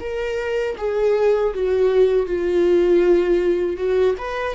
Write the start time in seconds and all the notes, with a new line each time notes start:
0.00 A#4
0.78 G#4
1.54 F#4
2.26 F4
3.77 F#4
4.18 B4